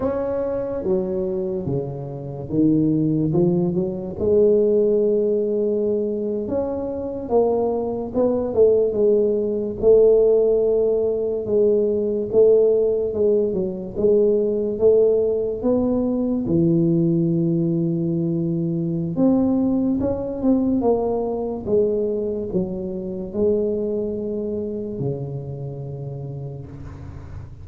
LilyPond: \new Staff \with { instrumentName = "tuba" } { \time 4/4 \tempo 4 = 72 cis'4 fis4 cis4 dis4 | f8 fis8 gis2~ gis8. cis'16~ | cis'8. ais4 b8 a8 gis4 a16~ | a4.~ a16 gis4 a4 gis16~ |
gis16 fis8 gis4 a4 b4 e16~ | e2. c'4 | cis'8 c'8 ais4 gis4 fis4 | gis2 cis2 | }